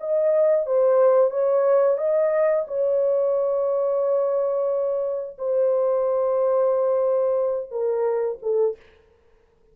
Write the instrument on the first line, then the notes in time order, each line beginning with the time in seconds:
horn
0.00 D#5
0.66 C5
1.30 C#5
1.98 D#5
2.67 C#5
5.38 C5
7.71 A#4
8.42 A4